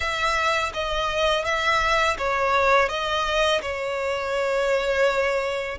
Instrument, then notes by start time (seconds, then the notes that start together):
violin
0.00 E5
0.73 D#5
1.44 E5
2.18 C#5
2.88 D#5
3.61 C#5